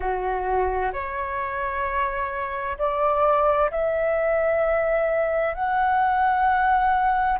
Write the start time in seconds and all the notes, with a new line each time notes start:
0.00 F#4
0.92 C#5
2.78 D5
3.70 E5
5.54 F#5